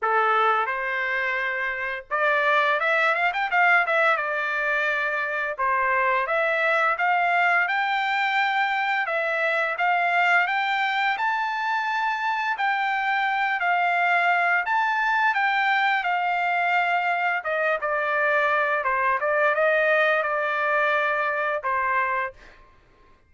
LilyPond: \new Staff \with { instrumentName = "trumpet" } { \time 4/4 \tempo 4 = 86 a'4 c''2 d''4 | e''8 f''16 g''16 f''8 e''8 d''2 | c''4 e''4 f''4 g''4~ | g''4 e''4 f''4 g''4 |
a''2 g''4. f''8~ | f''4 a''4 g''4 f''4~ | f''4 dis''8 d''4. c''8 d''8 | dis''4 d''2 c''4 | }